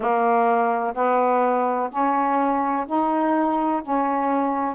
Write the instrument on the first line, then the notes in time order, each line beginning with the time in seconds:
saxophone
0.00 A#3
0.94 B3
1.90 C#4
2.87 D#4
3.82 C#4